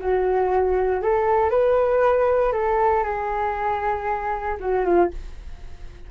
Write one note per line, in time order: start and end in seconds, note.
0.00 1.02 F#4
1.02 1.50 A4
1.50 2.52 B4
2.52 3.04 A4
3.04 4.58 G#4
4.60 4.85 F#4
4.85 5.11 F4